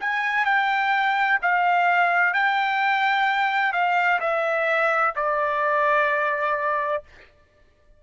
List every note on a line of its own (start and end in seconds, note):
0.00 0.45 G#5
0.45 1.39 G5
1.42 2.34 F5
2.34 3.73 G5
3.73 4.20 F5
4.20 5.14 E5
5.16 7.03 D5